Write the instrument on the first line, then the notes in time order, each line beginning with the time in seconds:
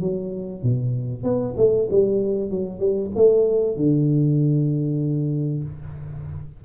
tuba
0.00 F#3
0.62 B2
1.23 B3
1.57 A3
1.90 G3
2.50 F#3
2.80 G3
3.15 A3
3.76 D3